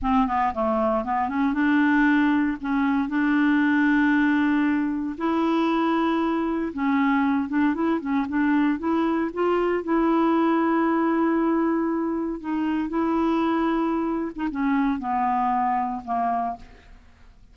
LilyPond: \new Staff \with { instrumentName = "clarinet" } { \time 4/4 \tempo 4 = 116 c'8 b8 a4 b8 cis'8 d'4~ | d'4 cis'4 d'2~ | d'2 e'2~ | e'4 cis'4. d'8 e'8 cis'8 |
d'4 e'4 f'4 e'4~ | e'1 | dis'4 e'2~ e'8. dis'16 | cis'4 b2 ais4 | }